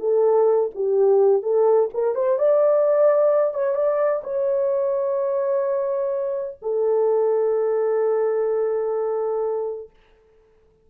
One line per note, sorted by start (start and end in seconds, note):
0.00 0.70 A4
0.75 1.43 G4
1.43 1.90 A4
1.94 2.15 A#4
2.15 2.39 C5
2.39 3.54 D5
3.54 3.75 C#5
3.75 4.22 D5
4.24 6.58 C#5
6.62 9.90 A4